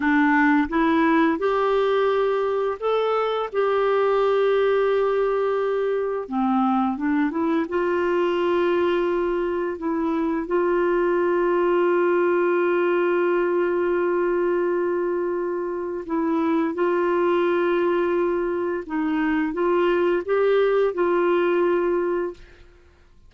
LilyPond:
\new Staff \with { instrumentName = "clarinet" } { \time 4/4 \tempo 4 = 86 d'4 e'4 g'2 | a'4 g'2.~ | g'4 c'4 d'8 e'8 f'4~ | f'2 e'4 f'4~ |
f'1~ | f'2. e'4 | f'2. dis'4 | f'4 g'4 f'2 | }